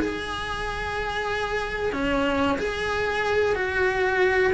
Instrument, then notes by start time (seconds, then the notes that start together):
cello
0.00 G#4
1.93 C#4
2.58 G#4
3.55 F#4